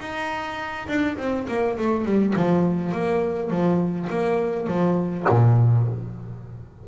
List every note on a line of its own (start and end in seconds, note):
0.00 0.87 D#4
0.88 1.17 D4
1.18 1.47 C4
1.48 1.77 A#3
1.78 2.05 A3
2.05 2.34 G3
2.36 2.92 F3
2.92 3.50 A#3
3.50 4.09 F3
4.10 4.67 A#3
4.67 5.25 F3
5.29 5.87 A#2